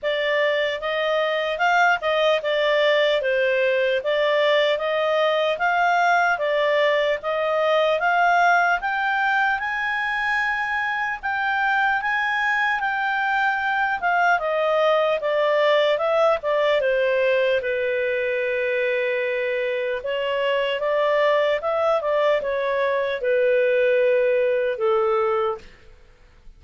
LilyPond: \new Staff \with { instrumentName = "clarinet" } { \time 4/4 \tempo 4 = 75 d''4 dis''4 f''8 dis''8 d''4 | c''4 d''4 dis''4 f''4 | d''4 dis''4 f''4 g''4 | gis''2 g''4 gis''4 |
g''4. f''8 dis''4 d''4 | e''8 d''8 c''4 b'2~ | b'4 cis''4 d''4 e''8 d''8 | cis''4 b'2 a'4 | }